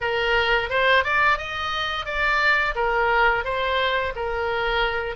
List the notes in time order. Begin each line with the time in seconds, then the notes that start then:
0.00 A#4
0.69 C5
1.03 D5
1.38 D#5
2.05 D5
2.75 A#4
3.44 C5
4.15 A#4